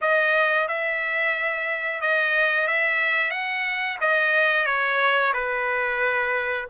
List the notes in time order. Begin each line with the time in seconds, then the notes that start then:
0.01 D#5
0.68 E5
2.01 D#5
2.67 E5
3.30 F#5
4.01 D#5
4.65 C#5
5.33 B4